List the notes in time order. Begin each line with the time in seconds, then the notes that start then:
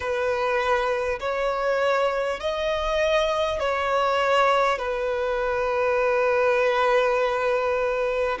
0.00 B4
1.19 C#5
2.39 D#5
3.59 C#5
4.78 B4